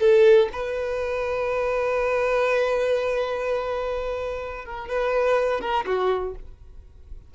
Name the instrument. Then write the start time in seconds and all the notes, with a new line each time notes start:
violin
0.00 A4
0.52 B4
4.65 A#4
4.88 B4
5.61 A#4
5.86 F#4